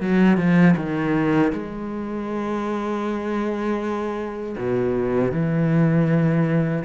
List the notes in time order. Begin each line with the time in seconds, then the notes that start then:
0.00 F#3
0.37 F3
0.76 D#3
1.52 G#3
4.57 B2
5.31 E3